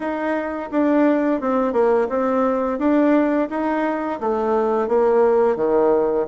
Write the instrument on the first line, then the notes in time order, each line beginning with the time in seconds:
bassoon
0.00 D#4
0.71 D4
1.40 C4
1.72 A#3
2.09 C4
2.78 D4
3.49 D#4
4.20 A3
4.88 A#3
5.56 D#3